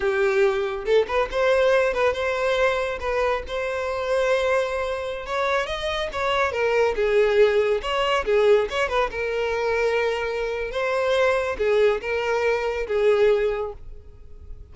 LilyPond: \new Staff \with { instrumentName = "violin" } { \time 4/4 \tempo 4 = 140 g'2 a'8 b'8 c''4~ | c''8 b'8 c''2 b'4 | c''1~ | c''16 cis''4 dis''4 cis''4 ais'8.~ |
ais'16 gis'2 cis''4 gis'8.~ | gis'16 cis''8 b'8 ais'2~ ais'8.~ | ais'4 c''2 gis'4 | ais'2 gis'2 | }